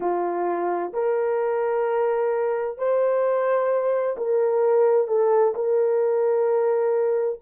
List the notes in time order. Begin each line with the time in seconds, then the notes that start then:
0.00 F4
0.93 A#4
2.77 C5
4.17 A#4
5.07 A4
5.54 A#4